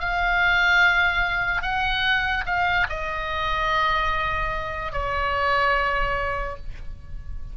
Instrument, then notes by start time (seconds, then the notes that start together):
oboe
0.00 F5
1.63 F#5
2.46 F5
2.89 D#5
4.93 C#5